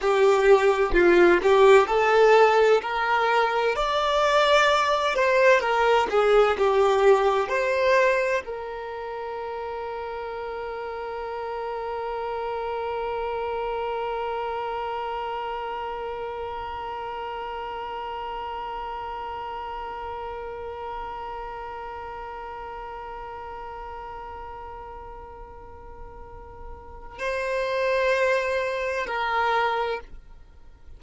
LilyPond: \new Staff \with { instrumentName = "violin" } { \time 4/4 \tempo 4 = 64 g'4 f'8 g'8 a'4 ais'4 | d''4. c''8 ais'8 gis'8 g'4 | c''4 ais'2.~ | ais'1~ |
ais'1~ | ais'1~ | ais'1~ | ais'4 c''2 ais'4 | }